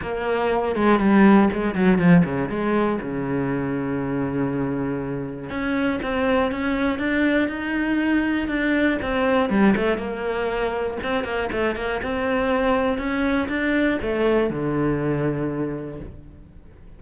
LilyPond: \new Staff \with { instrumentName = "cello" } { \time 4/4 \tempo 4 = 120 ais4. gis8 g4 gis8 fis8 | f8 cis8 gis4 cis2~ | cis2. cis'4 | c'4 cis'4 d'4 dis'4~ |
dis'4 d'4 c'4 g8 a8 | ais2 c'8 ais8 a8 ais8 | c'2 cis'4 d'4 | a4 d2. | }